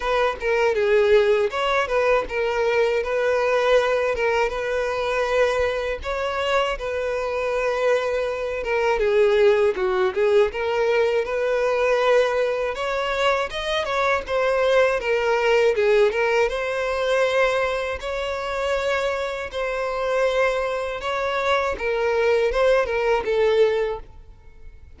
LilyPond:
\new Staff \with { instrumentName = "violin" } { \time 4/4 \tempo 4 = 80 b'8 ais'8 gis'4 cis''8 b'8 ais'4 | b'4. ais'8 b'2 | cis''4 b'2~ b'8 ais'8 | gis'4 fis'8 gis'8 ais'4 b'4~ |
b'4 cis''4 dis''8 cis''8 c''4 | ais'4 gis'8 ais'8 c''2 | cis''2 c''2 | cis''4 ais'4 c''8 ais'8 a'4 | }